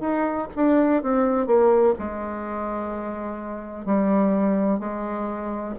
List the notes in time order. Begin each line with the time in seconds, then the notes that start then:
0.00 D#4
0.55 D4
1.02 C4
1.46 A#3
1.98 G#3
3.85 G3
4.79 G#3